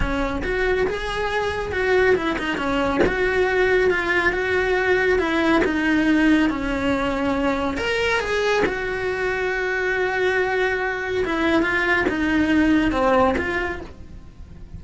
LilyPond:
\new Staff \with { instrumentName = "cello" } { \time 4/4 \tempo 4 = 139 cis'4 fis'4 gis'2 | fis'4 e'8 dis'8 cis'4 fis'4~ | fis'4 f'4 fis'2 | e'4 dis'2 cis'4~ |
cis'2 ais'4 gis'4 | fis'1~ | fis'2 e'4 f'4 | dis'2 c'4 f'4 | }